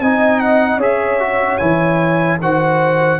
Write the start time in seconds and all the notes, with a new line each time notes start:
0.00 C4 D#4 D#5 G#5
0.39 F#5
0.76 C#4 G#4 C#5 E5
1.19 F#4
1.57 E3 E4 G#5
2.40 D#3 F#4 C5 F#5